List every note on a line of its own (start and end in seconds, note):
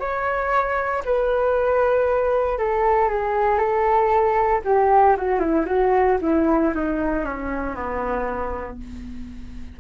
0.00 1.03 C#5
1.06 2.58 B4
2.58 3.09 A4
3.09 3.58 G#4
3.58 4.62 A4
4.65 5.17 G4
5.17 5.40 F#4
5.40 5.66 E4
5.66 6.18 F#4
6.22 6.74 E4
6.75 7.25 D#4
7.25 7.75 C#4
7.75 8.79 B3